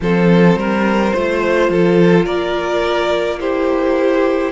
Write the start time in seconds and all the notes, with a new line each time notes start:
0.00 F3 C4 A4 C5
0.56 G3 A#4
1.13 A3 F4 C5
1.69 F3 A4
2.25 A#3 A#4 D5
3.40 E4 G4 C5